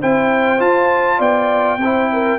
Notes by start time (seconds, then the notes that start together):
0.00 C4 E4 C5 G5
0.59 F4 A5
1.19 B3 D5 G5
1.78 C4 C5
1.84 E4
2.13 A#4